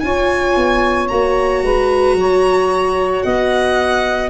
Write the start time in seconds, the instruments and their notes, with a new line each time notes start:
0.00 tuba C#4, viola F4, saxophone C#5, violin G#5
0.56 tuba B3
1.08 tuba A#3, viola F#4, violin A#5
1.62 tuba G#3, saxophone B4
2.14 tuba F#3, saxophone C#5
3.22 tuba B3, saxophone D#5, violin F#5